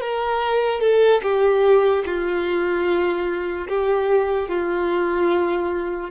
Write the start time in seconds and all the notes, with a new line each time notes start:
0.00 A#4
0.80 A4
1.22 G4
2.05 F4
3.68 G4
4.48 F4